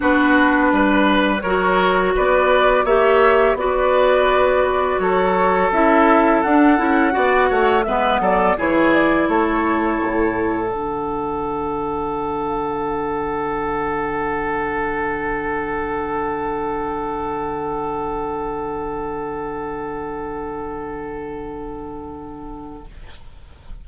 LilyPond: <<
  \new Staff \with { instrumentName = "flute" } { \time 4/4 \tempo 4 = 84 b'2 cis''4 d''4 | e''4 d''2 cis''4 | e''4 fis''2 e''8 d''8 | cis''8 d''8 cis''2 fis''4~ |
fis''1~ | fis''1~ | fis''1~ | fis''1 | }
  \new Staff \with { instrumentName = "oboe" } { \time 4/4 fis'4 b'4 ais'4 b'4 | cis''4 b'2 a'4~ | a'2 d''8 cis''8 b'8 a'8 | gis'4 a'2.~ |
a'1~ | a'1~ | a'1~ | a'1 | }
  \new Staff \with { instrumentName = "clarinet" } { \time 4/4 d'2 fis'2 | g'4 fis'2. | e'4 d'8 e'8 fis'4 b4 | e'2. d'4~ |
d'1~ | d'1~ | d'1~ | d'1 | }
  \new Staff \with { instrumentName = "bassoon" } { \time 4/4 b4 g4 fis4 b4 | ais4 b2 fis4 | cis'4 d'8 cis'8 b8 a8 gis8 fis8 | e4 a4 a,4 d4~ |
d1~ | d1~ | d1~ | d1 | }
>>